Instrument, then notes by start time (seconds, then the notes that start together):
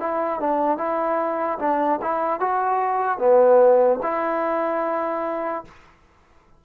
trombone
0.00 E4
0.41 D4
0.78 E4
1.59 D4
2.02 E4
2.40 F#4
3.19 B3
4.03 E4